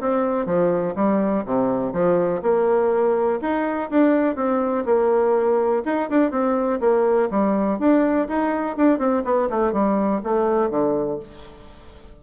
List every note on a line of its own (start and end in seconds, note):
0.00 0.46 C4
0.46 0.94 F3
0.95 1.44 G3
1.45 1.92 C3
1.92 2.41 F3
2.42 3.40 A#3
3.41 3.90 D#4
3.90 4.36 D4
4.36 4.84 C4
4.85 5.83 A#3
5.85 6.09 D#4
6.10 6.31 D4
6.31 6.79 C4
6.80 7.29 A#3
7.30 7.79 G3
7.79 8.28 D4
8.28 8.76 D#4
8.76 8.98 D4
8.98 9.23 C4
9.24 9.49 B3
9.50 9.72 A3
9.72 10.21 G3
10.23 10.70 A3
10.70 11.19 D3